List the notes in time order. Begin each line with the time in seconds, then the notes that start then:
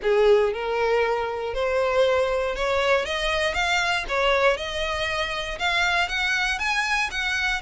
0.02 G#4
0.53 A#4
1.54 C5
2.55 C#5
3.05 D#5
3.53 F5
4.08 C#5
4.56 D#5
5.58 F5
6.08 F#5
6.58 G#5
7.10 F#5